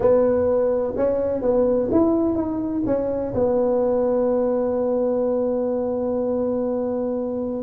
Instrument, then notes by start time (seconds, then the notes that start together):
tuba
0.00 B3
0.96 C#4
1.41 B3
1.91 E4
2.35 D#4
2.86 C#4
3.34 B3